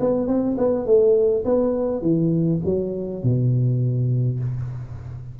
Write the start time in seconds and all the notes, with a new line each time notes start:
0.00 B3
0.27 C4
0.57 B3
0.86 A3
1.45 B3
2.02 E3
2.65 F#3
3.23 B2